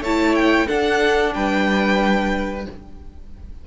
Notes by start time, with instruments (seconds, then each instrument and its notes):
0.00 cello A3, viola E4, violin C#5 A5
0.35 violin G5
0.67 viola D4, cello D4, violin A4 F#5
1.34 cello G3, violin B4 G5